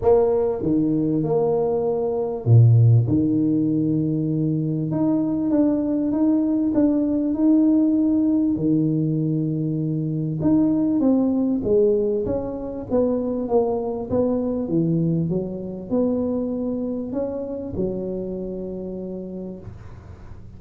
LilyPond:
\new Staff \with { instrumentName = "tuba" } { \time 4/4 \tempo 4 = 98 ais4 dis4 ais2 | ais,4 dis2. | dis'4 d'4 dis'4 d'4 | dis'2 dis2~ |
dis4 dis'4 c'4 gis4 | cis'4 b4 ais4 b4 | e4 fis4 b2 | cis'4 fis2. | }